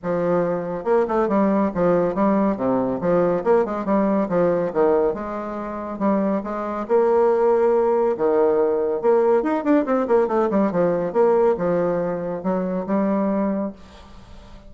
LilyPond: \new Staff \with { instrumentName = "bassoon" } { \time 4/4 \tempo 4 = 140 f2 ais8 a8 g4 | f4 g4 c4 f4 | ais8 gis8 g4 f4 dis4 | gis2 g4 gis4 |
ais2. dis4~ | dis4 ais4 dis'8 d'8 c'8 ais8 | a8 g8 f4 ais4 f4~ | f4 fis4 g2 | }